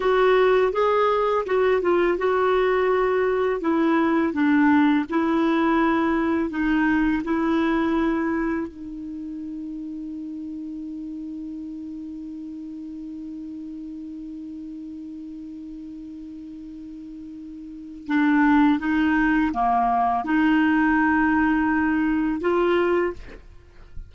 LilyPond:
\new Staff \with { instrumentName = "clarinet" } { \time 4/4 \tempo 4 = 83 fis'4 gis'4 fis'8 f'8 fis'4~ | fis'4 e'4 d'4 e'4~ | e'4 dis'4 e'2 | dis'1~ |
dis'1~ | dis'1~ | dis'4 d'4 dis'4 ais4 | dis'2. f'4 | }